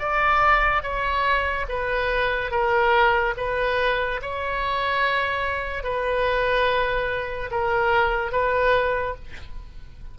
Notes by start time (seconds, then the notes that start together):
0.00 D5
0.83 C#5
1.69 B4
2.52 A#4
3.37 B4
4.22 C#5
5.84 B4
7.52 A#4
8.32 B4